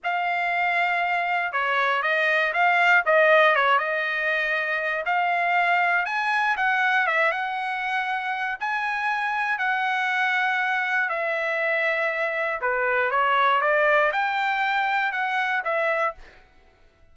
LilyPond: \new Staff \with { instrumentName = "trumpet" } { \time 4/4 \tempo 4 = 119 f''2. cis''4 | dis''4 f''4 dis''4 cis''8 dis''8~ | dis''2 f''2 | gis''4 fis''4 e''8 fis''4.~ |
fis''4 gis''2 fis''4~ | fis''2 e''2~ | e''4 b'4 cis''4 d''4 | g''2 fis''4 e''4 | }